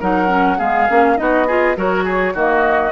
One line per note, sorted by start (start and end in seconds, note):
0.00 0.60 F#3
0.00 0.28 D#4
0.00 0.58 A#4
0.00 0.59 F#5
0.28 0.57 C#4
0.58 0.89 G#3
0.58 0.88 B3
0.58 1.17 G#4
0.58 1.18 F5
0.89 1.19 A#3
0.89 1.17 C#4
1.17 1.77 B3
1.17 1.46 D#4
1.17 1.47 F#4
1.17 1.76 D#5
1.47 1.76 F4
1.47 1.77 G#4
1.76 2.34 F#3
1.76 2.35 F#4
1.76 2.04 A#4
1.76 2.37 C#5
2.04 2.34 G#4
2.34 2.92 D#3
2.34 2.92 A#3
2.34 2.92 F#4
2.34 2.92 D#5